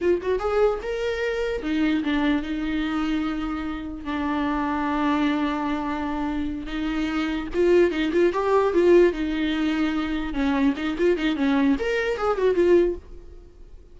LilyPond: \new Staff \with { instrumentName = "viola" } { \time 4/4 \tempo 4 = 148 f'8 fis'8 gis'4 ais'2 | dis'4 d'4 dis'2~ | dis'2 d'2~ | d'1~ |
d'8 dis'2 f'4 dis'8 | f'8 g'4 f'4 dis'4.~ | dis'4. cis'4 dis'8 f'8 dis'8 | cis'4 ais'4 gis'8 fis'8 f'4 | }